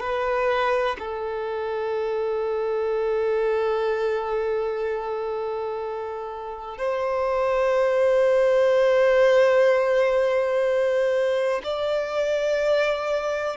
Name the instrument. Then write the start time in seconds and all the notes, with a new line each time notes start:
violin
0.00 B4
0.99 A4
6.78 C5
11.64 D5